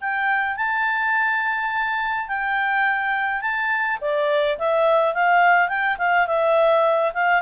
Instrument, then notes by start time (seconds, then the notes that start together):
clarinet
0.00 G5
0.56 A5
2.28 G5
3.41 A5
4.01 D5
4.58 E5
5.14 F5
5.68 G5
5.98 F5
6.26 E5
7.14 F5